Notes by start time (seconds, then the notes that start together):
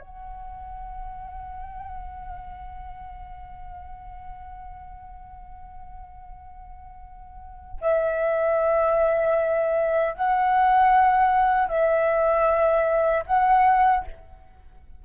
0.00 F#5
7.81 E5
10.14 F#5
11.68 E5
13.26 F#5